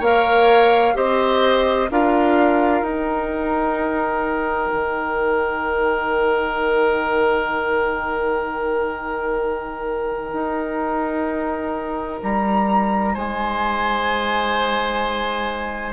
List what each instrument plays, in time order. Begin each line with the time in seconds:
0.00 bassoon A#3, clarinet A#4, oboe C#5, flute F5
0.95 bassoon C4, clarinet G4, oboe C5, flute D#5
1.91 bassoon D4, clarinet F4, oboe A#4, flute F5
2.82 bassoon D#4, clarinet D#4, flute G5
4.73 bassoon D#3
10.33 bassoon D#4
12.23 bassoon G3, flute A#5
13.14 bassoon G#3, oboe C5, flute G#5